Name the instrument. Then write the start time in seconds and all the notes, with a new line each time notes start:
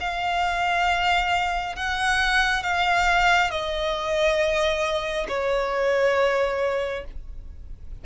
violin
0.00 F5
1.76 F#5
2.63 F5
3.50 D#5
5.28 C#5